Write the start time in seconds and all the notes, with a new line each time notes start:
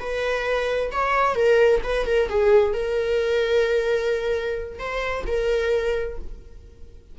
0.00 B4
0.92 C#5
1.36 A#4
1.84 B4
2.07 A#4
2.29 G#4
2.74 A#4
4.79 C5
5.27 A#4